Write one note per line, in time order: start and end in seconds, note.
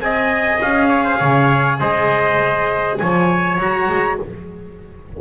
0.00 0.60 C4
0.00 3.59 G#4
0.00 0.89 D#5
0.00 0.61 G#5
0.61 1.21 C#4
0.61 1.80 F5
0.89 1.04 C#5
1.04 1.19 C5
1.20 1.81 C#3
1.20 1.79 C#5
1.80 3.01 G#3
1.80 3.00 C5
1.80 2.98 D#5
2.98 3.58 F3
2.98 4.22 C#5
2.98 3.58 G#5
3.58 3.88 F#3
3.58 4.19 F#4
3.58 4.20 A#5
3.89 4.19 G#3